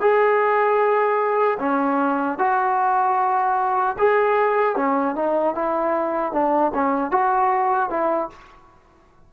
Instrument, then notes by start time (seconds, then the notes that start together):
trombone
0.00 G#4
1.59 C#4
2.38 F#4
3.98 G#4
4.76 C#4
5.15 D#4
5.54 E4
6.32 D4
6.74 C#4
7.11 F#4
7.90 E4